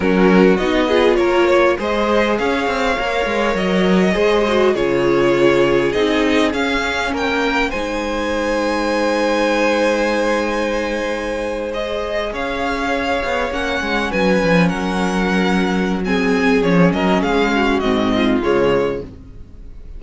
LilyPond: <<
  \new Staff \with { instrumentName = "violin" } { \time 4/4 \tempo 4 = 101 ais'4 dis''4 cis''4 dis''4 | f''2 dis''2 | cis''2 dis''4 f''4 | g''4 gis''2.~ |
gis''2.~ gis''8. dis''16~ | dis''8. f''2 fis''4 gis''16~ | gis''8. fis''2~ fis''16 gis''4 | cis''8 dis''8 f''4 dis''4 cis''4 | }
  \new Staff \with { instrumentName = "violin" } { \time 4/4 fis'4. gis'8 ais'8 cis''8 c''4 | cis''2. c''4 | gis'1 | ais'4 c''2.~ |
c''1~ | c''8. cis''2. b'16~ | b'8. ais'2~ ais'16 gis'4~ | gis'8 ais'8 gis'8 fis'4 f'4. | }
  \new Staff \with { instrumentName = "viola" } { \time 4/4 cis'4 dis'8 f'4. gis'4~ | gis'4 ais'2 gis'8 fis'8 | f'2 dis'4 cis'4~ | cis'4 dis'2.~ |
dis'2.~ dis'8. gis'16~ | gis'2~ gis'8. cis'4~ cis'16~ | cis'2. c'4 | cis'2 c'4 gis4 | }
  \new Staff \with { instrumentName = "cello" } { \time 4/4 fis4 b4 ais4 gis4 | cis'8 c'8 ais8 gis8 fis4 gis4 | cis2 c'4 cis'4 | ais4 gis2.~ |
gis1~ | gis8. cis'4. b8 ais8 gis8 fis16~ | fis16 f8 fis2.~ fis16 | f8 fis8 gis4 gis,4 cis4 | }
>>